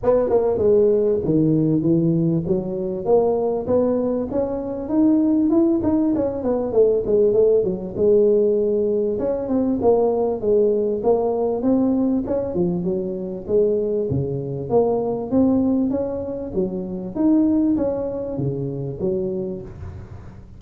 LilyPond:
\new Staff \with { instrumentName = "tuba" } { \time 4/4 \tempo 4 = 98 b8 ais8 gis4 dis4 e4 | fis4 ais4 b4 cis'4 | dis'4 e'8 dis'8 cis'8 b8 a8 gis8 | a8 fis8 gis2 cis'8 c'8 |
ais4 gis4 ais4 c'4 | cis'8 f8 fis4 gis4 cis4 | ais4 c'4 cis'4 fis4 | dis'4 cis'4 cis4 fis4 | }